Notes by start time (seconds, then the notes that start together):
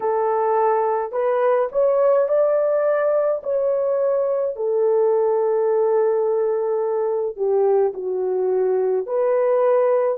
0.00 A4
1.12 B4
1.71 C#5
2.28 D5
3.43 C#5
4.55 A4
7.36 G4
7.93 F#4
9.06 B4